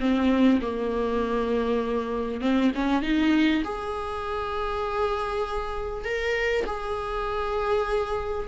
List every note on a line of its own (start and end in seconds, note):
0.00 0.61 C4
0.61 2.41 A#3
2.41 2.72 C4
2.75 3.03 C#4
3.03 3.63 D#4
3.64 6.05 G#4
6.05 6.65 A#4
6.66 8.48 G#4